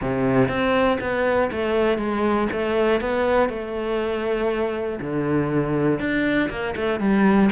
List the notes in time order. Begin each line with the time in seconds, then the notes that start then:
0.01 C3
0.48 C4
1.00 B3
1.51 A3
1.98 G#3
2.52 A3
3.00 B3
3.49 A3
5.00 D3
5.99 D4
6.50 A#3
6.76 A3
6.99 G3